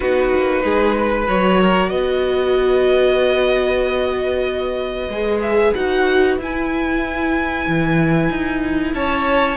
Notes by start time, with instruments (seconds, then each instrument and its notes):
0.00 cello B3, viola D#4, violin F#4 B4
0.35 cello A#3
0.64 cello G#3, violin G#4
0.97 violin B4
1.26 cello F#3, viola F#4, violin C#5
1.61 violin A#4
1.89 cello B3, violin B4 D#5
5.08 cello G#3, viola G#4
5.41 violin E5
5.74 cello D#4, viola F#4, violin F#5
6.37 cello E4, viola E4, violin G#5
7.67 cello E3
8.29 cello D#4
8.93 cello C#4, violin C#5 A5